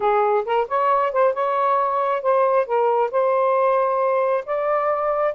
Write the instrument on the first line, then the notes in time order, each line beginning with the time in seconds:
saxophone
0.00 G#4
0.45 A#4
0.68 C#5
1.12 C5
1.33 C#5
2.22 C5
2.65 A#4
3.11 C5
4.45 D5